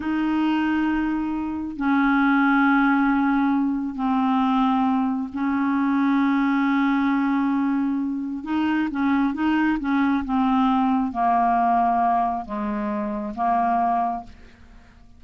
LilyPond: \new Staff \with { instrumentName = "clarinet" } { \time 4/4 \tempo 4 = 135 dis'1 | cis'1~ | cis'4 c'2. | cis'1~ |
cis'2. dis'4 | cis'4 dis'4 cis'4 c'4~ | c'4 ais2. | gis2 ais2 | }